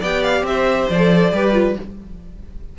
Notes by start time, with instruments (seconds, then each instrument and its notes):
0.00 cello B3, viola G4, violin D5 G5
0.23 violin F5
0.43 cello C4, violin E5
0.49 violin C5
0.90 cello F3, viola A4, violin D5
1.32 cello G3, viola G4, violin B4
1.53 viola F4